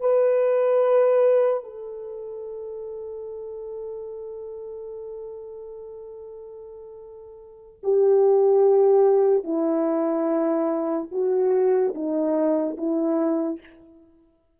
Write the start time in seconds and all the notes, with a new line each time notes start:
0.00 B4
1.63 A4
7.83 G4
9.44 E4
11.11 F#4
11.94 D#4
12.77 E4